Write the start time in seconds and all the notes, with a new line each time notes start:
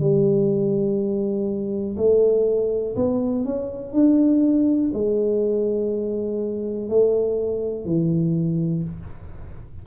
0.00 G3
1.97 A3
2.96 B3
3.45 C#4
3.93 D4
4.94 G#3
6.89 A3
7.86 E3